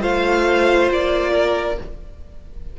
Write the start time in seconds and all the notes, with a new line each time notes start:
0.00 A3 F4 C5 F5
0.91 A#3 D5
1.34 A#4